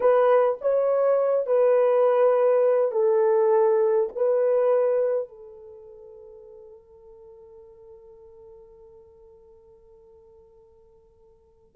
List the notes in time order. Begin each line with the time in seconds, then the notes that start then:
0.00 B4
0.61 C#5
1.46 B4
2.91 A4
4.15 B4
5.28 A4